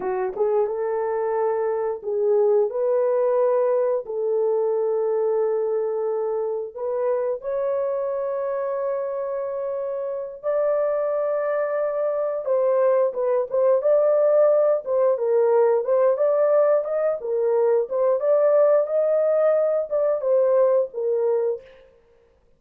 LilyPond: \new Staff \with { instrumentName = "horn" } { \time 4/4 \tempo 4 = 89 fis'8 gis'8 a'2 gis'4 | b'2 a'2~ | a'2 b'4 cis''4~ | cis''2.~ cis''8 d''8~ |
d''2~ d''8 c''4 b'8 | c''8 d''4. c''8 ais'4 c''8 | d''4 dis''8 ais'4 c''8 d''4 | dis''4. d''8 c''4 ais'4 | }